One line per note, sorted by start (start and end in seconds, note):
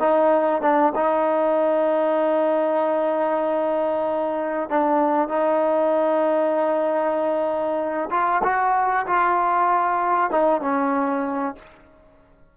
0.00 0.62 D#4
0.62 0.93 D4
0.96 4.70 D#4
4.70 5.29 D4
5.29 8.10 D#4
8.11 8.42 F4
8.44 9.07 F#4
9.07 10.31 F4
10.31 10.62 D#4
10.62 11.55 C#4